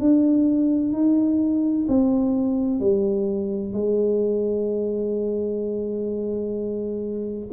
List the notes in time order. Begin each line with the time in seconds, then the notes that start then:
0.00 D4
0.93 D#4
1.88 C4
2.80 G3
3.73 G#3